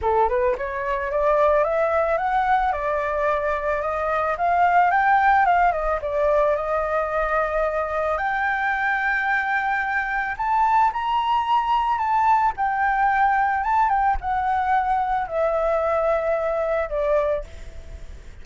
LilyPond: \new Staff \with { instrumentName = "flute" } { \time 4/4 \tempo 4 = 110 a'8 b'8 cis''4 d''4 e''4 | fis''4 d''2 dis''4 | f''4 g''4 f''8 dis''8 d''4 | dis''2. g''4~ |
g''2. a''4 | ais''2 a''4 g''4~ | g''4 a''8 g''8 fis''2 | e''2. d''4 | }